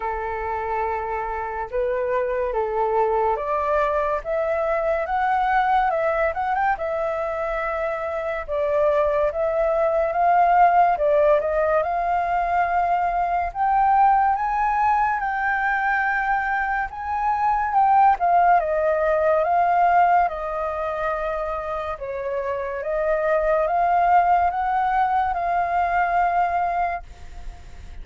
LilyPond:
\new Staff \with { instrumentName = "flute" } { \time 4/4 \tempo 4 = 71 a'2 b'4 a'4 | d''4 e''4 fis''4 e''8 fis''16 g''16 | e''2 d''4 e''4 | f''4 d''8 dis''8 f''2 |
g''4 gis''4 g''2 | gis''4 g''8 f''8 dis''4 f''4 | dis''2 cis''4 dis''4 | f''4 fis''4 f''2 | }